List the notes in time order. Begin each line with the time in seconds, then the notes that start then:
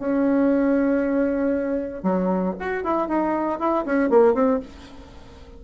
0.00 C#4
2.04 F#3
2.60 F#4
2.84 E4
3.09 D#4
3.60 E4
3.86 C#4
4.10 A#3
4.35 C4